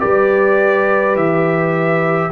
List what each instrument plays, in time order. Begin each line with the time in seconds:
0.00 tuba G3, trombone G4, horn B4, trumpet D5
1.15 tuba E3, trumpet E5